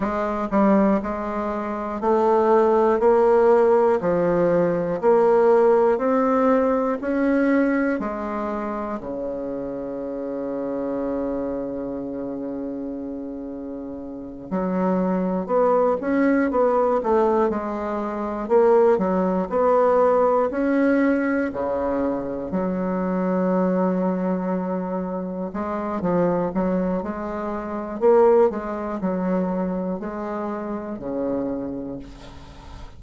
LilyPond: \new Staff \with { instrumentName = "bassoon" } { \time 4/4 \tempo 4 = 60 gis8 g8 gis4 a4 ais4 | f4 ais4 c'4 cis'4 | gis4 cis2.~ | cis2~ cis8 fis4 b8 |
cis'8 b8 a8 gis4 ais8 fis8 b8~ | b8 cis'4 cis4 fis4.~ | fis4. gis8 f8 fis8 gis4 | ais8 gis8 fis4 gis4 cis4 | }